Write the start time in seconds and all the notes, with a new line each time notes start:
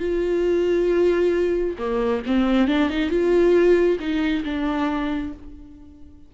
0.00 F4
1.78 A#3
2.26 C4
2.68 D4
2.90 D#4
3.10 F4
4.00 D#4
4.45 D4